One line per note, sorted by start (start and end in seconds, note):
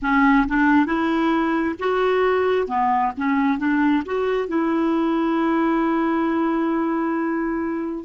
0.02 0.46 C#4
0.47 0.85 D4
0.85 1.75 E4
1.79 2.67 F#4
2.67 3.11 B3
3.17 3.58 C#4
3.58 4.03 D4
4.05 4.48 F#4
4.48 8.05 E4